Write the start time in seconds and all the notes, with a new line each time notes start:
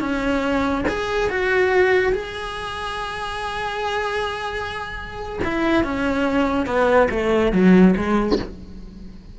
0.00 C#4
0.88 G#4
1.30 F#4
2.12 G#4
5.44 E4
5.84 C#4
6.66 B3
7.11 A3
7.52 F#3
7.96 G#3